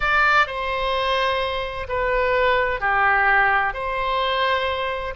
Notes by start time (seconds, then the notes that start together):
0.00 D5
0.46 C5
1.88 B4
2.80 G4
3.73 C5